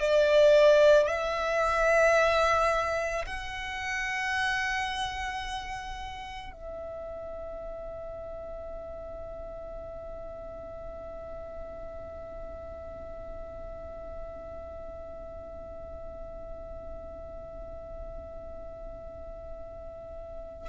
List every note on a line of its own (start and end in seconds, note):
0.00 1.07 D5
1.07 3.25 E5
3.26 6.52 F#5
6.52 20.68 E5